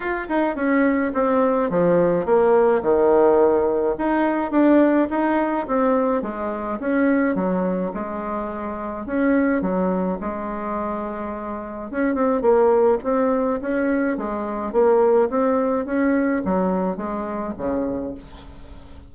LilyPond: \new Staff \with { instrumentName = "bassoon" } { \time 4/4 \tempo 4 = 106 f'8 dis'8 cis'4 c'4 f4 | ais4 dis2 dis'4 | d'4 dis'4 c'4 gis4 | cis'4 fis4 gis2 |
cis'4 fis4 gis2~ | gis4 cis'8 c'8 ais4 c'4 | cis'4 gis4 ais4 c'4 | cis'4 fis4 gis4 cis4 | }